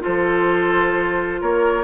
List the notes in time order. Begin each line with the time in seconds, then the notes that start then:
0.00 F4 A4 C5
0.06 F3
1.41 A#3 A#4 C#5